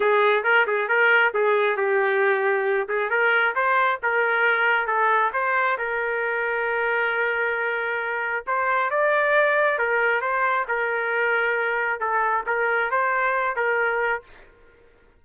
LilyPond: \new Staff \with { instrumentName = "trumpet" } { \time 4/4 \tempo 4 = 135 gis'4 ais'8 gis'8 ais'4 gis'4 | g'2~ g'8 gis'8 ais'4 | c''4 ais'2 a'4 | c''4 ais'2.~ |
ais'2. c''4 | d''2 ais'4 c''4 | ais'2. a'4 | ais'4 c''4. ais'4. | }